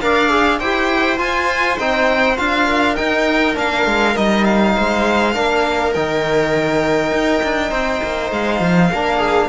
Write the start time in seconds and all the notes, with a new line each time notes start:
0.00 D4 A#4 D5 F5
0.29 G#4
0.59 E4 G4 C5 G5
1.17 F4 G#5
1.78 C4 D#4 G5
2.36 D4 F4 F5
2.66 A#4
2.95 D#4 G5
3.54 A#3 D4 F5
3.86 G#3
4.15 G3 D#4 D#5
4.44 F5
4.76 G#3 C5
5.34 A#3 D4 A#4
5.93 D#3 D#4 G5
7.11 D#4
7.43 D4
7.70 C4 C5
8.03 A#3
8.31 G#3 F5
8.60 F3
8.91 A#3 D4 A#4
9.17 G#4